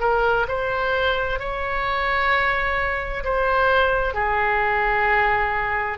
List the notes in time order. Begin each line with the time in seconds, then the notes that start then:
0.00 A#4
0.48 C5
1.39 C#5
3.24 C5
4.14 G#4